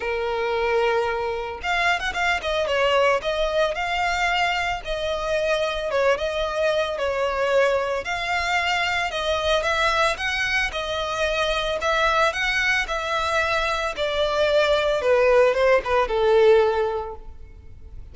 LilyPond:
\new Staff \with { instrumentName = "violin" } { \time 4/4 \tempo 4 = 112 ais'2. f''8. fis''16 | f''8 dis''8 cis''4 dis''4 f''4~ | f''4 dis''2 cis''8 dis''8~ | dis''4 cis''2 f''4~ |
f''4 dis''4 e''4 fis''4 | dis''2 e''4 fis''4 | e''2 d''2 | b'4 c''8 b'8 a'2 | }